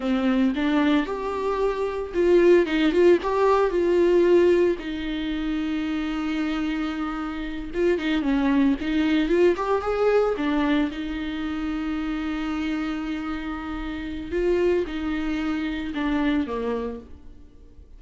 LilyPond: \new Staff \with { instrumentName = "viola" } { \time 4/4 \tempo 4 = 113 c'4 d'4 g'2 | f'4 dis'8 f'8 g'4 f'4~ | f'4 dis'2.~ | dis'2~ dis'8 f'8 dis'8 cis'8~ |
cis'8 dis'4 f'8 g'8 gis'4 d'8~ | d'8 dis'2.~ dis'8~ | dis'2. f'4 | dis'2 d'4 ais4 | }